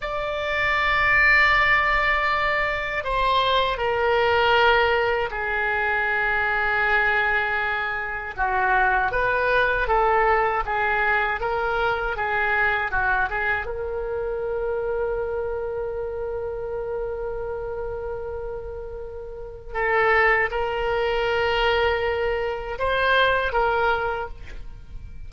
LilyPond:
\new Staff \with { instrumentName = "oboe" } { \time 4/4 \tempo 4 = 79 d''1 | c''4 ais'2 gis'4~ | gis'2. fis'4 | b'4 a'4 gis'4 ais'4 |
gis'4 fis'8 gis'8 ais'2~ | ais'1~ | ais'2 a'4 ais'4~ | ais'2 c''4 ais'4 | }